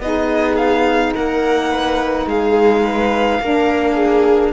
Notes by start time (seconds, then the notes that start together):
0.00 B3 D#4 G#4 D#5
0.56 F5
1.14 A#3 A#4 F#5
1.71 B4
2.26 G#3 G#4 F5
2.84 B4
3.41 A#3 D4 A#4
3.94 G#4